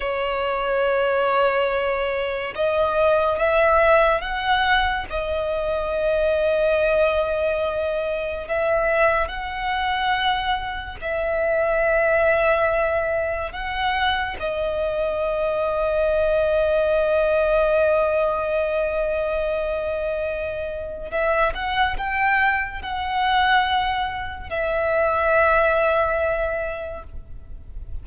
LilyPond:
\new Staff \with { instrumentName = "violin" } { \time 4/4 \tempo 4 = 71 cis''2. dis''4 | e''4 fis''4 dis''2~ | dis''2 e''4 fis''4~ | fis''4 e''2. |
fis''4 dis''2.~ | dis''1~ | dis''4 e''8 fis''8 g''4 fis''4~ | fis''4 e''2. | }